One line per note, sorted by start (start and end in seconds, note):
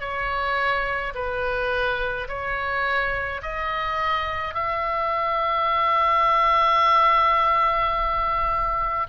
0.00 1.13 C#5
1.14 2.27 B4
2.28 3.41 C#5
3.42 4.54 D#5
4.54 9.07 E5